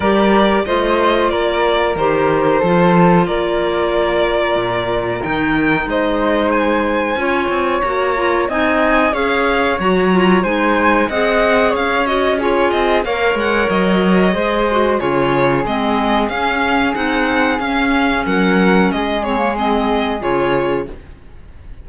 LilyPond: <<
  \new Staff \with { instrumentName = "violin" } { \time 4/4 \tempo 4 = 92 d''4 dis''4 d''4 c''4~ | c''4 d''2. | g''4 dis''4 gis''2 | ais''4 gis''4 f''4 ais''4 |
gis''4 fis''4 f''8 dis''8 cis''8 dis''8 | f''8 fis''8 dis''2 cis''4 | dis''4 f''4 fis''4 f''4 | fis''4 dis''8 cis''8 dis''4 cis''4 | }
  \new Staff \with { instrumentName = "flute" } { \time 4/4 ais'4 c''4 ais'2 | a'4 ais'2.~ | ais'4 c''2 cis''4~ | cis''4 dis''4 cis''2 |
c''4 dis''4 cis''4 gis'4 | cis''2 c''4 gis'4~ | gis'1 | ais'4 gis'2. | }
  \new Staff \with { instrumentName = "clarinet" } { \time 4/4 g'4 f'2 g'4 | f'1 | dis'2. f'4 | fis'8 f'8 dis'4 gis'4 fis'8 f'8 |
dis'4 gis'4. fis'8 f'4 | ais'2 gis'8 fis'8 f'4 | c'4 cis'4 dis'4 cis'4~ | cis'4. c'16 ais16 c'4 f'4 | }
  \new Staff \with { instrumentName = "cello" } { \time 4/4 g4 a4 ais4 dis4 | f4 ais2 ais,4 | dis4 gis2 cis'8 c'8 | ais4 c'4 cis'4 fis4 |
gis4 c'4 cis'4. c'8 | ais8 gis8 fis4 gis4 cis4 | gis4 cis'4 c'4 cis'4 | fis4 gis2 cis4 | }
>>